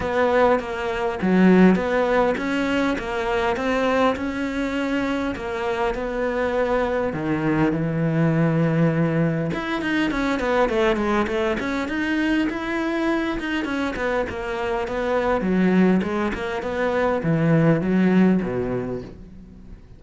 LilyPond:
\new Staff \with { instrumentName = "cello" } { \time 4/4 \tempo 4 = 101 b4 ais4 fis4 b4 | cis'4 ais4 c'4 cis'4~ | cis'4 ais4 b2 | dis4 e2. |
e'8 dis'8 cis'8 b8 a8 gis8 a8 cis'8 | dis'4 e'4. dis'8 cis'8 b8 | ais4 b4 fis4 gis8 ais8 | b4 e4 fis4 b,4 | }